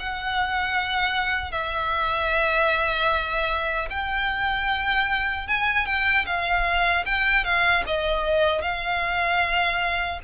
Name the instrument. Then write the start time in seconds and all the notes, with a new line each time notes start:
violin
0.00 F#5
1.52 E5
3.90 G5
5.48 G#5
5.86 G5
6.26 F5
7.06 G5
7.45 F5
7.87 D#5
8.62 F5